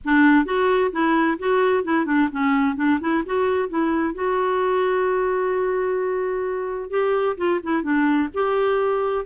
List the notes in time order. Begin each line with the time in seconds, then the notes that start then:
0.04 D4
0.45 F#4
0.91 E4
1.38 F#4
1.84 E4
2.05 D4
2.31 C#4
2.76 D4
3.00 E4
3.25 F#4
3.68 E4
4.14 F#4
6.90 G4
7.37 F4
7.63 E4
7.82 D4
8.33 G4